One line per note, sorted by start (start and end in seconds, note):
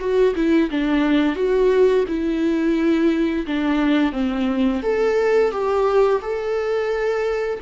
0.00 0.34 F#4
0.35 0.70 E4
0.71 1.36 D4
1.36 2.05 F#4
2.08 3.46 E4
3.47 4.13 D4
4.13 4.82 C4
4.83 5.52 A4
5.52 6.21 G4
6.22 7.60 A4